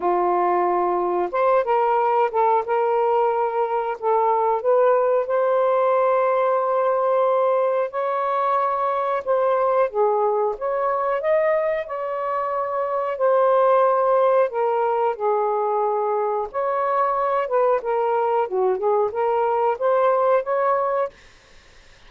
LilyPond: \new Staff \with { instrumentName = "saxophone" } { \time 4/4 \tempo 4 = 91 f'2 c''8 ais'4 a'8 | ais'2 a'4 b'4 | c''1 | cis''2 c''4 gis'4 |
cis''4 dis''4 cis''2 | c''2 ais'4 gis'4~ | gis'4 cis''4. b'8 ais'4 | fis'8 gis'8 ais'4 c''4 cis''4 | }